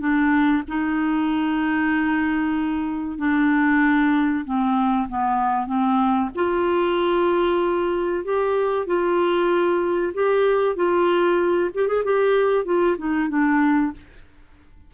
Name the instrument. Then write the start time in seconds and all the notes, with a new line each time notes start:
clarinet
0.00 D4
0.68 D#4
3.18 D4
4.45 C4
5.09 B3
5.67 C4
6.35 F4
8.24 G4
8.87 F4
10.14 G4
10.76 F4
11.74 G4
11.88 G#4
12.04 G4
12.65 F4
12.98 D#4
13.29 D4